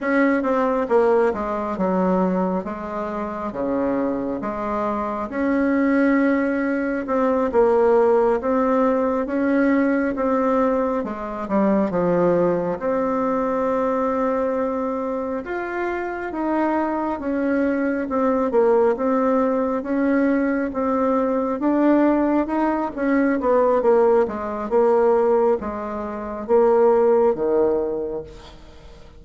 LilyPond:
\new Staff \with { instrumentName = "bassoon" } { \time 4/4 \tempo 4 = 68 cis'8 c'8 ais8 gis8 fis4 gis4 | cis4 gis4 cis'2 | c'8 ais4 c'4 cis'4 c'8~ | c'8 gis8 g8 f4 c'4.~ |
c'4. f'4 dis'4 cis'8~ | cis'8 c'8 ais8 c'4 cis'4 c'8~ | c'8 d'4 dis'8 cis'8 b8 ais8 gis8 | ais4 gis4 ais4 dis4 | }